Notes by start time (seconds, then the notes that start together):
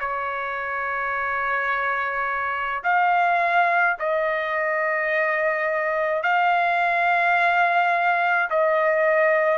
0.00 C#5
2.84 F5
4.00 D#5
6.23 F5
8.50 D#5